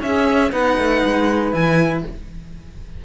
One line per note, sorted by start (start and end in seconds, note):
0.00 0.51 C#4
0.00 0.52 C#4
0.00 0.52 G#4
0.00 0.52 E5
0.52 0.77 B3
0.52 1.52 D#4
0.52 2.04 B4
0.52 1.54 F#5
0.78 1.03 A3
1.05 1.53 G#3
1.52 2.04 E3
1.52 2.03 E4
1.52 2.05 G#5